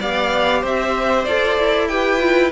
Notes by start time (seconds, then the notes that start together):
0.00 B3 G4 D5 F5
0.61 C4 C5 E5
1.25 F4 A4 D5
1.58 E4
1.88 G4 B4 G5
2.19 F4